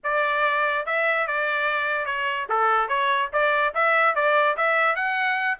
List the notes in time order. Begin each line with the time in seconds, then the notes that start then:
0.03 D5
0.86 E5
1.27 D5
2.05 C#5
2.49 A4
2.88 C#5
3.32 D5
3.74 E5
4.15 D5
4.56 E5
4.95 F#5